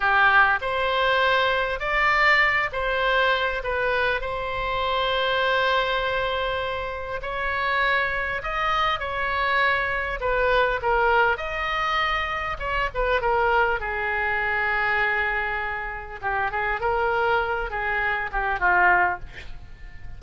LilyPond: \new Staff \with { instrumentName = "oboe" } { \time 4/4 \tempo 4 = 100 g'4 c''2 d''4~ | d''8 c''4. b'4 c''4~ | c''1 | cis''2 dis''4 cis''4~ |
cis''4 b'4 ais'4 dis''4~ | dis''4 cis''8 b'8 ais'4 gis'4~ | gis'2. g'8 gis'8 | ais'4. gis'4 g'8 f'4 | }